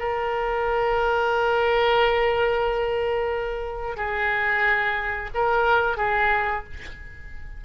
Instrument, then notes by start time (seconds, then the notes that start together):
oboe
0.00 A#4
3.97 G#4
5.35 A#4
5.98 G#4